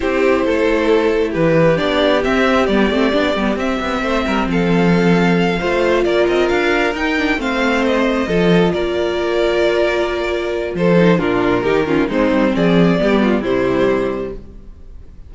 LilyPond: <<
  \new Staff \with { instrumentName = "violin" } { \time 4/4 \tempo 4 = 134 c''2. b'4 | d''4 e''4 d''2 | e''2 f''2~ | f''4. d''8 dis''8 f''4 g''8~ |
g''8 f''4 dis''2 d''8~ | d''1 | c''4 ais'2 c''4 | d''2 c''2 | }
  \new Staff \with { instrumentName = "violin" } { \time 4/4 g'4 a'2 g'4~ | g'1~ | g'4 c''8 ais'8 a'2~ | a'8 c''4 ais'2~ ais'8~ |
ais'8 c''2 a'4 ais'8~ | ais'1 | a'4 f'4 g'8 f'8 dis'4 | gis'4 g'8 f'8 e'2 | }
  \new Staff \with { instrumentName = "viola" } { \time 4/4 e'1 | d'4 c'4 b8 c'8 d'8 b8 | c'1~ | c'8 f'2. dis'8 |
d'8 c'2 f'4.~ | f'1~ | f'8 dis'8 d'4 dis'8 cis'8 c'4~ | c'4 b4 g2 | }
  \new Staff \with { instrumentName = "cello" } { \time 4/4 c'4 a2 e4 | b4 c'4 g8 a8 b8 g8 | c'8 b8 a8 g8 f2~ | f8 a4 ais8 c'8 d'4 dis'8~ |
dis'8 a2 f4 ais8~ | ais1 | f4 ais,4 dis4 gis8 g8 | f4 g4 c2 | }
>>